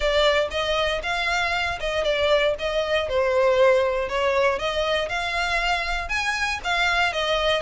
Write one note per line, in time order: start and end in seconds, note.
0.00 0.48 D5
0.50 1.01 D#5
1.02 1.79 F5
1.80 2.03 D#5
2.03 2.54 D5
2.58 3.09 D#5
3.09 4.09 C5
4.09 4.58 C#5
4.58 5.08 D#5
5.08 6.09 F5
6.09 6.59 G#5
6.64 7.12 F5
7.12 7.62 D#5